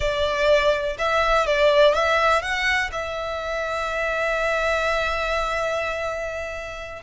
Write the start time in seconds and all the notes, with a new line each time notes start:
0.00 D5
0.98 E5
1.46 D5
1.94 E5
2.42 F#5
2.92 E5